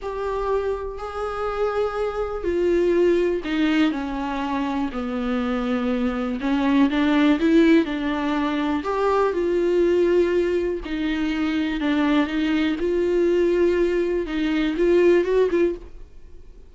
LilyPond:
\new Staff \with { instrumentName = "viola" } { \time 4/4 \tempo 4 = 122 g'2 gis'2~ | gis'4 f'2 dis'4 | cis'2 b2~ | b4 cis'4 d'4 e'4 |
d'2 g'4 f'4~ | f'2 dis'2 | d'4 dis'4 f'2~ | f'4 dis'4 f'4 fis'8 f'8 | }